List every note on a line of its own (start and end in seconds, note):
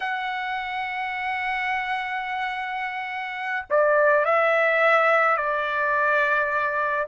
0.00 3.65 F#5
3.69 4.25 D5
4.25 5.36 E5
5.36 7.06 D5